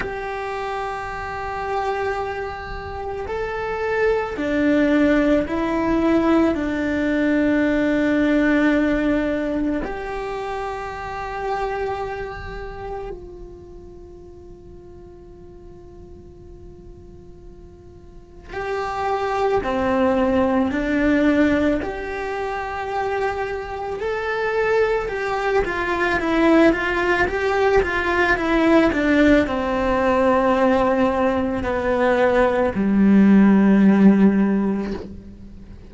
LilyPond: \new Staff \with { instrumentName = "cello" } { \time 4/4 \tempo 4 = 55 g'2. a'4 | d'4 e'4 d'2~ | d'4 g'2. | f'1~ |
f'4 g'4 c'4 d'4 | g'2 a'4 g'8 f'8 | e'8 f'8 g'8 f'8 e'8 d'8 c'4~ | c'4 b4 g2 | }